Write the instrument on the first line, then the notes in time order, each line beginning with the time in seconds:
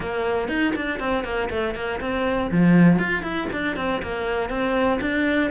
cello
0.00 A#3
0.48 D#4
0.75 D4
0.99 C4
1.24 A#3
1.50 A3
1.75 A#3
2.00 C4
2.51 F3
2.98 F4
3.22 E4
3.52 D4
3.76 C4
4.02 A#3
4.49 C4
5.00 D4